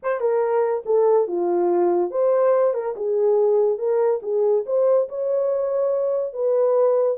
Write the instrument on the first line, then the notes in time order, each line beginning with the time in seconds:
horn
0.02 C5
0.20 A#4
0.85 A4
1.27 F4
2.10 C5
2.74 A#4
2.96 G#4
3.78 A#4
4.22 G#4
4.66 C5
5.08 C#5
6.33 B4